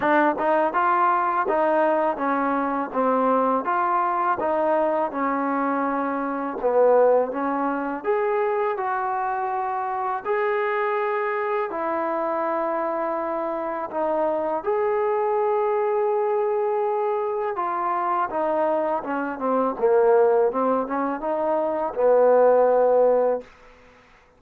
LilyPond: \new Staff \with { instrumentName = "trombone" } { \time 4/4 \tempo 4 = 82 d'8 dis'8 f'4 dis'4 cis'4 | c'4 f'4 dis'4 cis'4~ | cis'4 b4 cis'4 gis'4 | fis'2 gis'2 |
e'2. dis'4 | gis'1 | f'4 dis'4 cis'8 c'8 ais4 | c'8 cis'8 dis'4 b2 | }